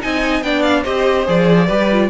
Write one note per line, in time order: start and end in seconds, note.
0.00 0.41 C4
0.00 0.42 D#4
0.00 0.43 D#5
0.00 0.42 G#5
0.41 0.83 B3
0.41 0.84 D4
0.41 0.82 D5
0.41 0.62 G5
0.62 0.83 F5
0.82 1.27 C4
0.82 1.25 G4
0.82 1.66 C5
0.82 1.26 D#5
1.25 1.69 F3
1.25 1.67 G#4
1.25 2.09 D5
1.66 2.09 G3
1.66 1.89 G4
1.66 2.08 B4
1.91 2.09 F4